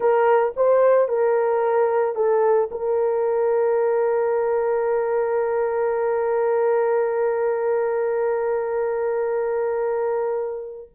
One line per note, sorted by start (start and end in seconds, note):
0.00 0.54 A#4
0.56 1.08 C5
1.08 2.15 A#4
2.15 2.69 A4
2.71 10.89 A#4